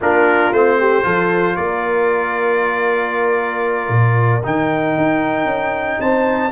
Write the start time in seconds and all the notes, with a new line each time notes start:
0.01 A#3 D4 F4 A#4
0.51 A3 C4 C5
0.79 G4
1.02 F3 F4 A4
1.56 A#3 A#4 D5
3.88 A#2
4.43 D#3 D#4 G5
4.96 D#4
5.45 C#4
5.99 C4 C5 A5